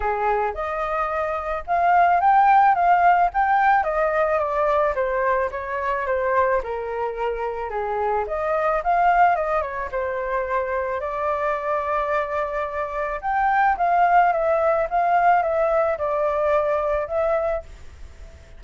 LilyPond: \new Staff \with { instrumentName = "flute" } { \time 4/4 \tempo 4 = 109 gis'4 dis''2 f''4 | g''4 f''4 g''4 dis''4 | d''4 c''4 cis''4 c''4 | ais'2 gis'4 dis''4 |
f''4 dis''8 cis''8 c''2 | d''1 | g''4 f''4 e''4 f''4 | e''4 d''2 e''4 | }